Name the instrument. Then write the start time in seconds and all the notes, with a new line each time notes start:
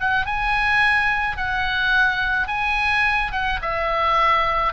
oboe
0.00 F#5
0.26 G#5
1.37 F#5
2.47 G#5
3.32 F#5
3.62 E5